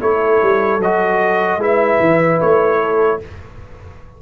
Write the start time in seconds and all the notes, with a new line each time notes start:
0.00 A3 E4 A4 C#5
0.42 G3
0.79 F#3 F#4 D#5
1.57 G#3 E4 B4 E5
1.99 E3
2.41 A3 C#5
2.81 A4